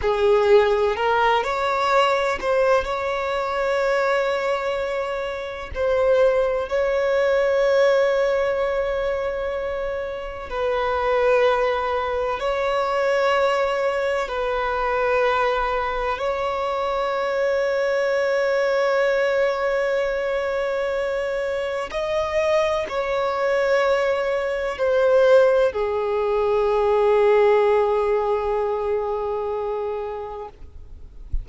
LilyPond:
\new Staff \with { instrumentName = "violin" } { \time 4/4 \tempo 4 = 63 gis'4 ais'8 cis''4 c''8 cis''4~ | cis''2 c''4 cis''4~ | cis''2. b'4~ | b'4 cis''2 b'4~ |
b'4 cis''2.~ | cis''2. dis''4 | cis''2 c''4 gis'4~ | gis'1 | }